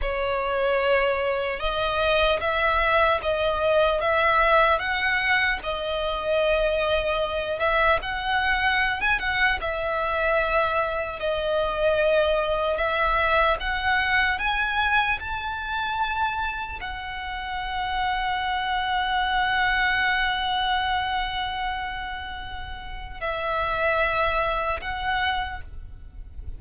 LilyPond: \new Staff \with { instrumentName = "violin" } { \time 4/4 \tempo 4 = 75 cis''2 dis''4 e''4 | dis''4 e''4 fis''4 dis''4~ | dis''4. e''8 fis''4~ fis''16 gis''16 fis''8 | e''2 dis''2 |
e''4 fis''4 gis''4 a''4~ | a''4 fis''2.~ | fis''1~ | fis''4 e''2 fis''4 | }